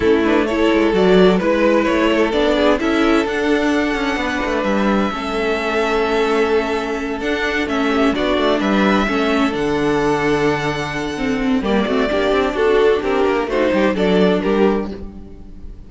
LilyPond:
<<
  \new Staff \with { instrumentName = "violin" } { \time 4/4 \tempo 4 = 129 a'8 b'8 cis''4 d''4 b'4 | cis''4 d''4 e''4 fis''4~ | fis''2 e''2~ | e''2.~ e''8 fis''8~ |
fis''8 e''4 d''4 e''4.~ | e''8 fis''2.~ fis''8~ | fis''4 d''2 a'4 | ais'4 c''4 d''4 ais'4 | }
  \new Staff \with { instrumentName = "violin" } { \time 4/4 e'4 a'2 b'4~ | b'8 a'4 gis'8 a'2~ | a'4 b'2 a'4~ | a'1~ |
a'4 g'8 fis'4 b'4 a'8~ | a'1~ | a'4 g'8 fis'8 g'4 fis'4 | g'4 fis'8 g'8 a'4 g'4 | }
  \new Staff \with { instrumentName = "viola" } { \time 4/4 cis'8 d'8 e'4 fis'4 e'4~ | e'4 d'4 e'4 d'4~ | d'2. cis'4~ | cis'2.~ cis'8 d'8~ |
d'8 cis'4 d'2 cis'8~ | cis'8 d'2.~ d'8 | c'4 ais8 c'8 d'2~ | d'4 dis'4 d'2 | }
  \new Staff \with { instrumentName = "cello" } { \time 4/4 a4. gis8 fis4 gis4 | a4 b4 cis'4 d'4~ | d'8 cis'8 b8 a8 g4 a4~ | a2.~ a8 d'8~ |
d'8 a4 b8 a8 g4 a8~ | a8 d2.~ d8~ | d4 g8 a8 ais8 c'8 d'4 | c'8 ais8 a8 g8 fis4 g4 | }
>>